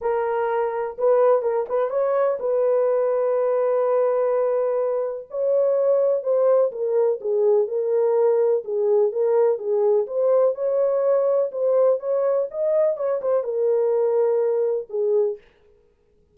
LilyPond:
\new Staff \with { instrumentName = "horn" } { \time 4/4 \tempo 4 = 125 ais'2 b'4 ais'8 b'8 | cis''4 b'2.~ | b'2. cis''4~ | cis''4 c''4 ais'4 gis'4 |
ais'2 gis'4 ais'4 | gis'4 c''4 cis''2 | c''4 cis''4 dis''4 cis''8 c''8 | ais'2. gis'4 | }